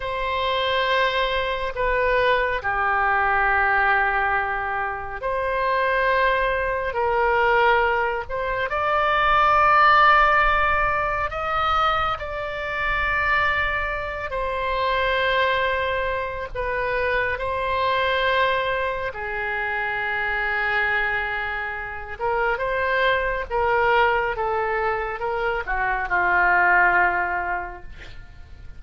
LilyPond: \new Staff \with { instrumentName = "oboe" } { \time 4/4 \tempo 4 = 69 c''2 b'4 g'4~ | g'2 c''2 | ais'4. c''8 d''2~ | d''4 dis''4 d''2~ |
d''8 c''2~ c''8 b'4 | c''2 gis'2~ | gis'4. ais'8 c''4 ais'4 | a'4 ais'8 fis'8 f'2 | }